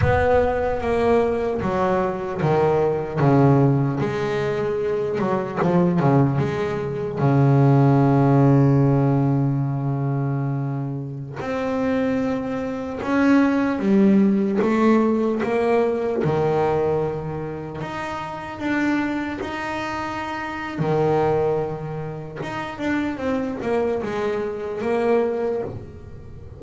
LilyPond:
\new Staff \with { instrumentName = "double bass" } { \time 4/4 \tempo 4 = 75 b4 ais4 fis4 dis4 | cis4 gis4. fis8 f8 cis8 | gis4 cis2.~ | cis2~ cis16 c'4.~ c'16~ |
c'16 cis'4 g4 a4 ais8.~ | ais16 dis2 dis'4 d'8.~ | d'16 dis'4.~ dis'16 dis2 | dis'8 d'8 c'8 ais8 gis4 ais4 | }